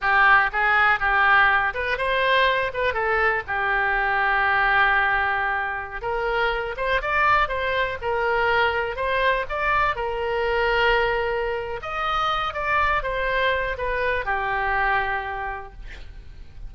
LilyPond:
\new Staff \with { instrumentName = "oboe" } { \time 4/4 \tempo 4 = 122 g'4 gis'4 g'4. b'8 | c''4. b'8 a'4 g'4~ | g'1~ | g'16 ais'4. c''8 d''4 c''8.~ |
c''16 ais'2 c''4 d''8.~ | d''16 ais'2.~ ais'8. | dis''4. d''4 c''4. | b'4 g'2. | }